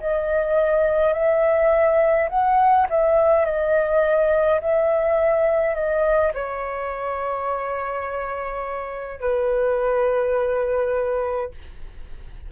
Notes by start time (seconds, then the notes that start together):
0.00 D#5
1.13 E5
2.30 F#5
2.90 E5
3.45 D#5
4.60 E5
5.75 D#5
6.34 C#5
9.20 B4